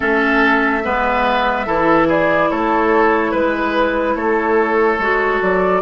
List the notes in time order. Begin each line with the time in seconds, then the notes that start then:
0.00 A3 C#4 A4 E5
0.83 G#3 B3 B4
1.66 E3 E4 A4
2.07 G#4 D5
2.50 A3 A4 C#5
3.31 G#3 B4
4.15 A3 A4 C#5
4.98 G#3 F#4
5.42 F#3 D5